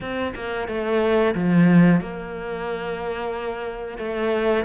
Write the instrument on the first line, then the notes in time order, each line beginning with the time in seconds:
cello
0.00 C4
0.35 A#3
0.68 A3
1.34 F3
2.00 A#3
3.98 A3